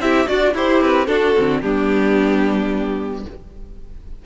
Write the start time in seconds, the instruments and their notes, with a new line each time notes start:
0.00 cello C4, viola E4, violin G4 E5
0.26 cello D4, viola F#4, violin F#4 D5
0.55 violin E4 C5, cello E4, viola G4
0.81 cello C4, violin B4
1.07 viola D4, cello D4, violin F#4 A4
1.37 cello D3, viola C4
1.62 cello G3, viola B3, violin D4 G4